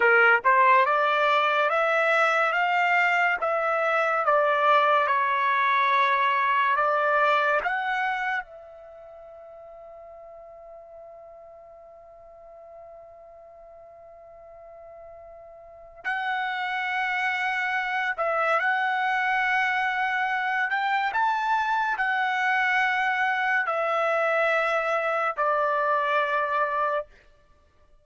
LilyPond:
\new Staff \with { instrumentName = "trumpet" } { \time 4/4 \tempo 4 = 71 ais'8 c''8 d''4 e''4 f''4 | e''4 d''4 cis''2 | d''4 fis''4 e''2~ | e''1~ |
e''2. fis''4~ | fis''4. e''8 fis''2~ | fis''8 g''8 a''4 fis''2 | e''2 d''2 | }